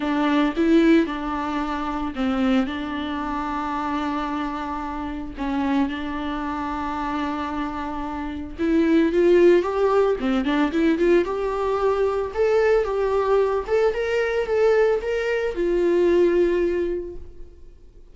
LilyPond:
\new Staff \with { instrumentName = "viola" } { \time 4/4 \tempo 4 = 112 d'4 e'4 d'2 | c'4 d'2.~ | d'2 cis'4 d'4~ | d'1 |
e'4 f'4 g'4 c'8 d'8 | e'8 f'8 g'2 a'4 | g'4. a'8 ais'4 a'4 | ais'4 f'2. | }